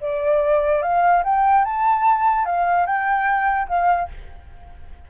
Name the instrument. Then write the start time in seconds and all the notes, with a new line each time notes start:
flute
0.00 D5
0.82 F5
1.23 G5
1.64 A5
2.45 F5
2.86 G5
3.68 F5